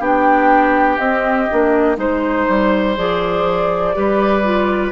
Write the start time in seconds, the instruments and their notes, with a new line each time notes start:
0.00 bassoon B3, clarinet D4, oboe G4, flute G5
0.99 bassoon C4, clarinet C4, flute D#5
1.51 bassoon A#3, clarinet D4
1.97 bassoon G#3, clarinet D#4, flute C5, oboe C5
2.49 bassoon G3
2.97 bassoon F3, clarinet G#4, flute D5
3.94 bassoon G3, clarinet G4, oboe B4
4.44 clarinet F4